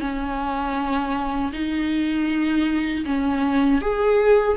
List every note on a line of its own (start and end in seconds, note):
0.00 1.52 C#4
1.53 3.05 D#4
3.06 3.81 C#4
3.81 4.57 G#4